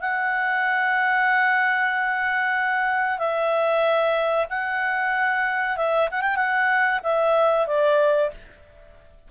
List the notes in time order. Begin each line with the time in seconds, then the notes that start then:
0.00 F#5
3.18 E5
4.49 F#5
5.77 E5
6.10 F#5
6.21 G5
6.36 F#5
7.03 E5
7.67 D5